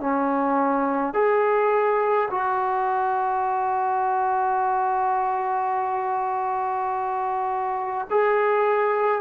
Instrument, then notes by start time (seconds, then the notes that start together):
trombone
0.00 C#4
1.13 G#4
2.30 F#4
8.10 G#4